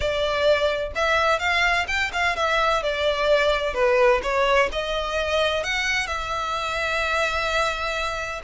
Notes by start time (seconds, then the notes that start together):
0.00 D5
0.95 E5
1.39 F5
1.87 G5
2.12 F5
2.36 E5
2.82 D5
3.74 B4
4.23 C#5
4.72 D#5
5.63 F#5
6.06 E5